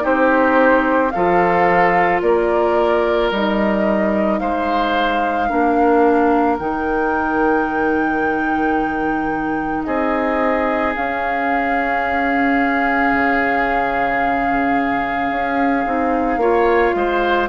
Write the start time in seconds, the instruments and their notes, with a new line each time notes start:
0.00 bassoon C4, clarinet D#4, oboe G4, flute C5
1.10 bassoon F3, clarinet F4, oboe A4, flute F5
2.21 bassoon A#3, oboe A#4, flute D5
3.31 bassoon G3, clarinet D#4, flute D#5
4.38 bassoon G#3, oboe C5, flute F5
5.49 bassoon A#3, clarinet D4, oboe A#4
6.58 bassoon D#3, clarinet D#4, flute G5
9.84 bassoon C4, oboe G#4, flute D#5
10.95 clarinet C#4, bassoon C#4, flute F5
13.13 bassoon C#3
15.30 bassoon C#4
15.85 bassoon C4, clarinet D#4
16.37 bassoon A#3, clarinet F4, oboe C#5
16.95 bassoon G#3, oboe C5